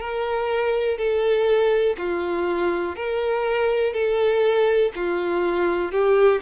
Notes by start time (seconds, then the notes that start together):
0.00 A#4
0.98 A4
1.98 F4
2.96 A#4
3.94 A4
4.96 F4
5.92 G4